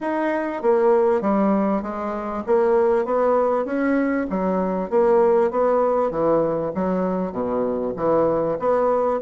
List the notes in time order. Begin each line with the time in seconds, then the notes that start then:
0.00 D#4
0.62 A#3
1.21 G3
1.82 G#3
2.46 A#3
3.05 B3
3.65 C#4
4.30 F#3
4.90 A#3
5.50 B3
6.11 E3
6.74 F#3
7.32 B2
7.96 E3
8.59 B3